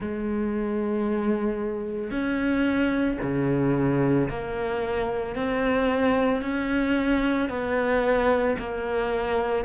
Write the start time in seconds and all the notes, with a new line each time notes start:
0.00 G#3
2.10 C#4
3.21 C#3
4.29 A#3
5.35 C4
6.41 C#4
7.49 B3
8.58 A#3